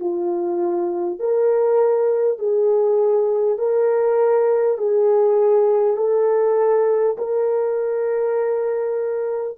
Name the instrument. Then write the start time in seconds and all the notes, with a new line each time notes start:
horn
0.00 F4
1.19 A#4
2.38 G#4
3.58 A#4
4.78 G#4
5.97 A4
7.18 A#4